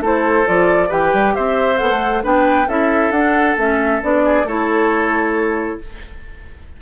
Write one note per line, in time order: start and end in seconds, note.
0.00 0.44 A3
0.00 0.45 E4
0.00 0.89 A4
0.00 0.47 C5
0.45 0.91 F3
0.45 0.89 F4
0.45 0.91 D5
0.89 1.13 E3
0.89 1.76 G4
0.89 1.33 B4
0.89 1.35 G5
1.13 1.35 G3
1.35 1.81 C4
1.35 2.23 C5
1.35 1.77 E5
1.76 1.90 B3
1.76 2.21 A4
1.76 2.22 F#5
1.90 2.24 A3
2.22 2.68 B3
2.22 2.66 D4
2.22 2.67 B4
2.22 2.68 G5
2.67 3.10 C#4
2.67 3.13 E4
2.67 4.23 A4
2.67 3.11 E5
3.10 3.55 D4
3.10 3.58 D4
3.10 3.56 F#5
3.57 4.01 A3
3.57 4.02 C#4
3.57 4.03 E5
4.02 4.44 B3
4.02 4.46 D4
4.02 4.47 D5
4.25 4.46 G#4
4.44 5.77 A3
4.44 5.81 E4
4.44 5.80 A4
4.44 5.81 C#5